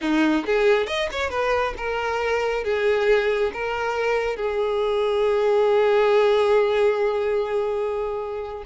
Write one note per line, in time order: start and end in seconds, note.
0.01 0.45 D#4
0.46 0.87 G#4
0.87 1.08 D#5
1.11 1.30 C#5
1.30 1.73 B4
1.77 2.64 A#4
2.64 3.51 G#4
3.53 4.36 A#4
4.36 8.63 G#4